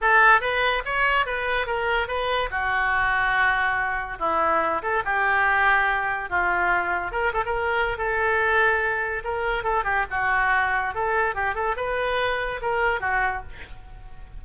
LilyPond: \new Staff \with { instrumentName = "oboe" } { \time 4/4 \tempo 4 = 143 a'4 b'4 cis''4 b'4 | ais'4 b'4 fis'2~ | fis'2 e'4. a'8 | g'2. f'4~ |
f'4 ais'8 a'16 ais'4~ ais'16 a'4~ | a'2 ais'4 a'8 g'8 | fis'2 a'4 g'8 a'8 | b'2 ais'4 fis'4 | }